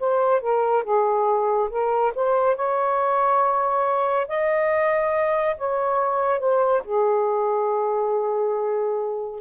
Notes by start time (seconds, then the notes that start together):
0.00 C5
0.41 A#4
0.83 G#4
1.70 A#4
2.15 C5
2.56 C#5
4.28 D#5
5.58 C#5
6.39 C5
6.84 G#4